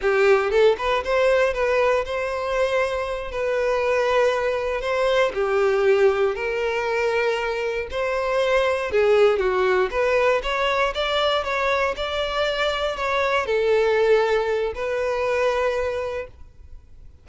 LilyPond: \new Staff \with { instrumentName = "violin" } { \time 4/4 \tempo 4 = 118 g'4 a'8 b'8 c''4 b'4 | c''2~ c''8 b'4.~ | b'4. c''4 g'4.~ | g'8 ais'2. c''8~ |
c''4. gis'4 fis'4 b'8~ | b'8 cis''4 d''4 cis''4 d''8~ | d''4. cis''4 a'4.~ | a'4 b'2. | }